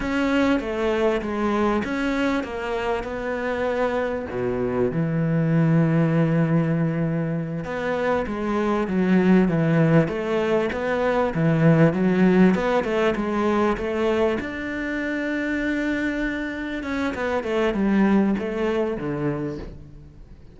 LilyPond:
\new Staff \with { instrumentName = "cello" } { \time 4/4 \tempo 4 = 98 cis'4 a4 gis4 cis'4 | ais4 b2 b,4 | e1~ | e8 b4 gis4 fis4 e8~ |
e8 a4 b4 e4 fis8~ | fis8 b8 a8 gis4 a4 d'8~ | d'2.~ d'8 cis'8 | b8 a8 g4 a4 d4 | }